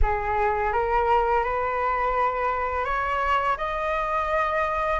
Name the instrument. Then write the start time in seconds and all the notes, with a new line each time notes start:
flute
0.02 G#4
0.72 A#4
1.43 B4
2.84 C#5
3.57 D#5